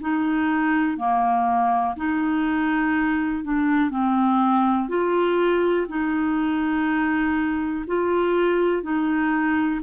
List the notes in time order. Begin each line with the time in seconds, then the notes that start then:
0.00 D#4
0.97 A#3
1.96 D#4
3.43 D4
3.90 C4
4.88 F4
5.88 D#4
7.87 F4
8.82 D#4